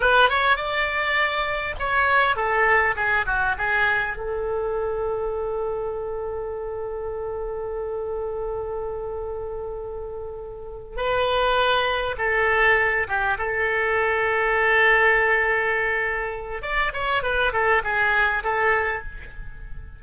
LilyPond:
\new Staff \with { instrumentName = "oboe" } { \time 4/4 \tempo 4 = 101 b'8 cis''8 d''2 cis''4 | a'4 gis'8 fis'8 gis'4 a'4~ | a'1~ | a'1~ |
a'2~ a'8 b'4.~ | b'8 a'4. g'8 a'4.~ | a'1 | d''8 cis''8 b'8 a'8 gis'4 a'4 | }